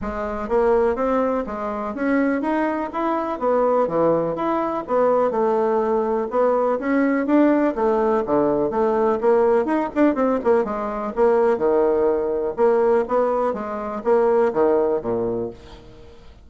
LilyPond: \new Staff \with { instrumentName = "bassoon" } { \time 4/4 \tempo 4 = 124 gis4 ais4 c'4 gis4 | cis'4 dis'4 e'4 b4 | e4 e'4 b4 a4~ | a4 b4 cis'4 d'4 |
a4 d4 a4 ais4 | dis'8 d'8 c'8 ais8 gis4 ais4 | dis2 ais4 b4 | gis4 ais4 dis4 ais,4 | }